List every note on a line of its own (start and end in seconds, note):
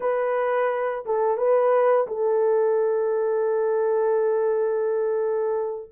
0.00 1.04 B4
1.05 1.37 A4
1.37 2.06 B4
2.07 5.90 A4